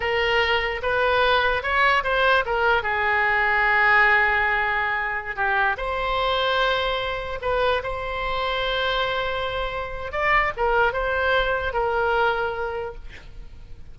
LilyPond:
\new Staff \with { instrumentName = "oboe" } { \time 4/4 \tempo 4 = 148 ais'2 b'2 | cis''4 c''4 ais'4 gis'4~ | gis'1~ | gis'4~ gis'16 g'4 c''4.~ c''16~ |
c''2~ c''16 b'4 c''8.~ | c''1~ | c''4 d''4 ais'4 c''4~ | c''4 ais'2. | }